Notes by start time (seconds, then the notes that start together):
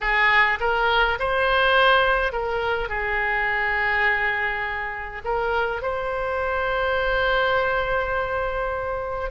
0.00 G#4
0.60 A#4
1.19 C5
2.32 A#4
2.89 G#4
5.24 A#4
5.82 C5